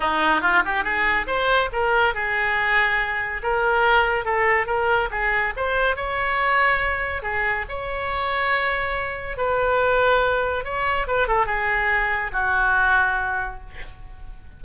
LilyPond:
\new Staff \with { instrumentName = "oboe" } { \time 4/4 \tempo 4 = 141 dis'4 f'8 g'8 gis'4 c''4 | ais'4 gis'2. | ais'2 a'4 ais'4 | gis'4 c''4 cis''2~ |
cis''4 gis'4 cis''2~ | cis''2 b'2~ | b'4 cis''4 b'8 a'8 gis'4~ | gis'4 fis'2. | }